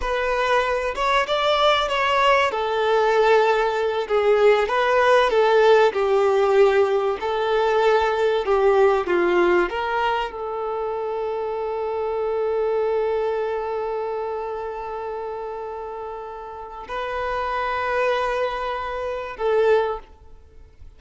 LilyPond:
\new Staff \with { instrumentName = "violin" } { \time 4/4 \tempo 4 = 96 b'4. cis''8 d''4 cis''4 | a'2~ a'8 gis'4 b'8~ | b'8 a'4 g'2 a'8~ | a'4. g'4 f'4 ais'8~ |
ais'8 a'2.~ a'8~ | a'1~ | a'2. b'4~ | b'2. a'4 | }